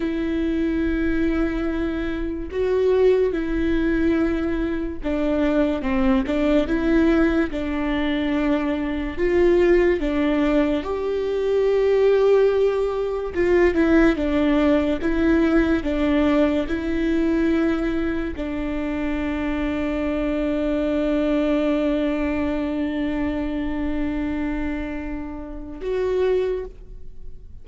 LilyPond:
\new Staff \with { instrumentName = "viola" } { \time 4/4 \tempo 4 = 72 e'2. fis'4 | e'2 d'4 c'8 d'8 | e'4 d'2 f'4 | d'4 g'2. |
f'8 e'8 d'4 e'4 d'4 | e'2 d'2~ | d'1~ | d'2. fis'4 | }